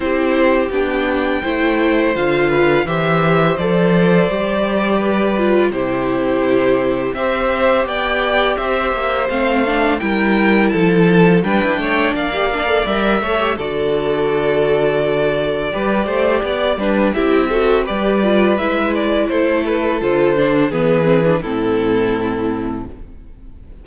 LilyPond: <<
  \new Staff \with { instrumentName = "violin" } { \time 4/4 \tempo 4 = 84 c''4 g''2 f''4 | e''4 d''2. | c''2 e''4 g''4 | e''4 f''4 g''4 a''4 |
g''4 f''4 e''4 d''4~ | d''1 | e''4 d''4 e''8 d''8 c''8 b'8 | c''4 b'4 a'2 | }
  \new Staff \with { instrumentName = "violin" } { \time 4/4 g'2 c''4. b'8 | c''2. b'4 | g'2 c''4 d''4 | c''2 ais'4 a'4 |
b'8 cis''8 d''4. cis''8 a'4~ | a'2 b'8 c''8 d''8 b'8 | g'8 a'8 b'2 a'4~ | a'4 gis'4 e'2 | }
  \new Staff \with { instrumentName = "viola" } { \time 4/4 e'4 d'4 e'4 f'4 | g'4 a'4 g'4. f'8 | e'2 g'2~ | g'4 c'8 d'8 e'2 |
d'4~ d'16 g'16 d'16 a'16 ais'8 a'16 g'16 fis'4~ | fis'2 g'4. d'8 | e'8 fis'8 g'8 f'8 e'2 | f'8 d'8 b8 c'16 d'16 c'2 | }
  \new Staff \with { instrumentName = "cello" } { \time 4/4 c'4 b4 a4 d4 | e4 f4 g2 | c2 c'4 b4 | c'8 ais8 a4 g4 f4 |
g16 e'16 a8 ais4 g8 a8 d4~ | d2 g8 a8 b8 g8 | c'4 g4 gis4 a4 | d4 e4 a,2 | }
>>